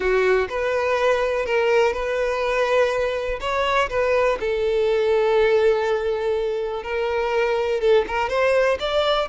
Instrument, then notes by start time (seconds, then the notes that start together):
violin
0.00 F#4
0.49 B4
1.45 A#4
1.93 B4
3.40 C#5
3.89 B4
4.39 A4
6.83 A#4
7.80 A4
8.07 A#4
8.29 C5
8.79 D5